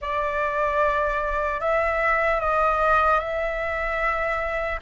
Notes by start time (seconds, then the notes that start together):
0.01 D5
1.60 E5
2.40 D#5
3.19 E5